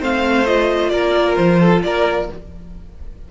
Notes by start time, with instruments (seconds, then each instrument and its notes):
0.00 cello A3, viola C4, violin C5 F5
0.46 viola F4, violin D#5
0.90 cello A#3, violin A#4 D5
1.37 cello F3, violin C5
1.60 violin A4
1.83 cello A#3, violin A#4 D5